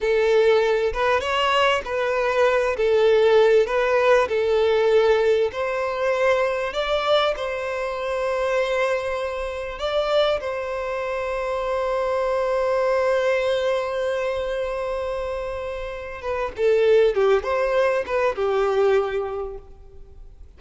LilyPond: \new Staff \with { instrumentName = "violin" } { \time 4/4 \tempo 4 = 98 a'4. b'8 cis''4 b'4~ | b'8 a'4. b'4 a'4~ | a'4 c''2 d''4 | c''1 |
d''4 c''2.~ | c''1~ | c''2~ c''8 b'8 a'4 | g'8 c''4 b'8 g'2 | }